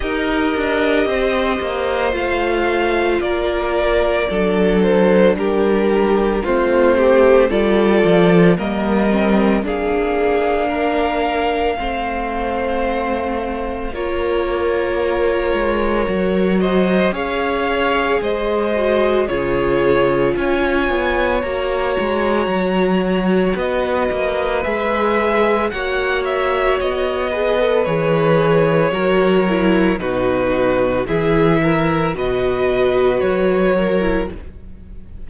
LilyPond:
<<
  \new Staff \with { instrumentName = "violin" } { \time 4/4 \tempo 4 = 56 dis''2 f''4 d''4~ | d''8 c''8 ais'4 c''4 d''4 | dis''4 f''2.~ | f''4 cis''2~ cis''8 dis''8 |
f''4 dis''4 cis''4 gis''4 | ais''2 dis''4 e''4 | fis''8 e''8 dis''4 cis''2 | b'4 e''4 dis''4 cis''4 | }
  \new Staff \with { instrumentName = "violin" } { \time 4/4 ais'4 c''2 ais'4 | a'4 g'4 f'8 g'8 a'4 | ais'4 gis'4 ais'4 c''4~ | c''4 ais'2~ ais'8 c''8 |
cis''4 c''4 gis'4 cis''4~ | cis''2 b'2 | cis''4. b'4. ais'4 | fis'4 gis'8 ais'8 b'4. ais'8 | }
  \new Staff \with { instrumentName = "viola" } { \time 4/4 g'2 f'2 | d'2 c'4 f'4 | ais8 c'8 d'2 c'4~ | c'4 f'2 fis'4 |
gis'4. fis'8 f'2 | fis'2. gis'4 | fis'4. gis'16 a'16 gis'4 fis'8 e'8 | dis'4 e'4 fis'4.~ fis'16 e'16 | }
  \new Staff \with { instrumentName = "cello" } { \time 4/4 dis'8 d'8 c'8 ais8 a4 ais4 | fis4 g4 a4 g8 f8 | g4 ais2 a4~ | a4 ais4. gis8 fis4 |
cis'4 gis4 cis4 cis'8 b8 | ais8 gis8 fis4 b8 ais8 gis4 | ais4 b4 e4 fis4 | b,4 e4 b,4 fis4 | }
>>